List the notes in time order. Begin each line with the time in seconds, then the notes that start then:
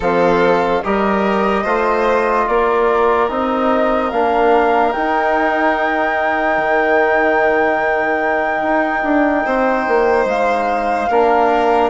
0.00 F3 C4 A4 F5
0.83 G3 G4 A#4 D#5
1.63 A3 F4 C5
2.47 A#3 A#4 D5
3.29 C4 D#4 D#5
4.10 A#3 D4 F5
4.92 D#4 G5
6.57 D#3
8.61 D#4
9.03 D4
9.45 C4 C5
9.87 A#3
10.25 G#3 F5
11.09 A#3 D4 A#4